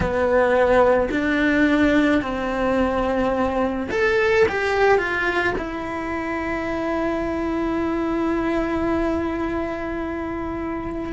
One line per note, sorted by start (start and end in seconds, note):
0.00 1.09 B3
1.11 2.22 D4
2.22 3.88 C4
3.90 4.46 A4
4.48 4.97 G4
4.97 5.53 F4
5.58 11.13 E4